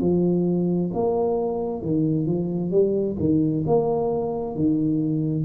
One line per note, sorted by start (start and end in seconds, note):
0.00 0.91 F3
0.93 1.82 A#3
1.82 2.26 D#3
2.26 2.71 F3
2.71 3.16 G3
3.19 3.64 D#3
3.67 4.55 A#3
4.55 5.44 D#3